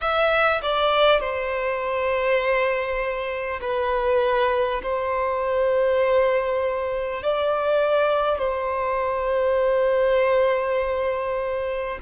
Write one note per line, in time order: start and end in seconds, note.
0.01 0.61 E5
0.62 1.20 D5
1.20 3.60 C5
3.61 4.81 B4
4.82 7.22 C5
7.23 8.38 D5
8.38 11.98 C5